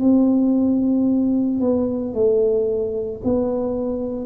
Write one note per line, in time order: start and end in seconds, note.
0.00 1.61 C4
1.61 2.14 B3
2.14 3.21 A3
3.24 4.26 B3